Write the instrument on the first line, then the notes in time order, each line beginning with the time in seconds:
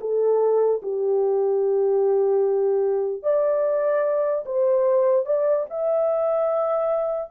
horn
0.00 A4
0.82 G4
3.22 D5
4.46 C5
5.25 D5
5.70 E5